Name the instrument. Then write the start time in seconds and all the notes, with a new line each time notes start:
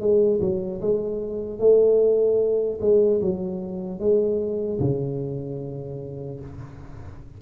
tuba
0.00 G#3
0.40 F#3
0.81 G#3
1.59 A3
2.80 G#3
3.21 F#3
3.99 G#3
4.80 C#3